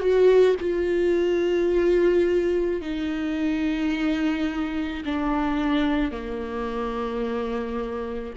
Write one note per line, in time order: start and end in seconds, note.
0.00 0.56 F#4
0.61 2.82 F4
2.82 5.04 D#4
5.06 6.12 D4
6.12 8.34 A#3